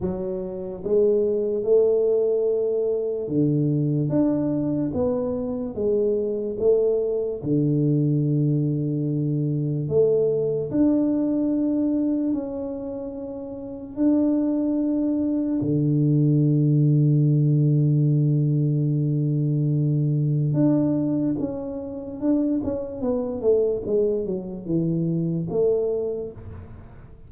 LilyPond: \new Staff \with { instrumentName = "tuba" } { \time 4/4 \tempo 4 = 73 fis4 gis4 a2 | d4 d'4 b4 gis4 | a4 d2. | a4 d'2 cis'4~ |
cis'4 d'2 d4~ | d1~ | d4 d'4 cis'4 d'8 cis'8 | b8 a8 gis8 fis8 e4 a4 | }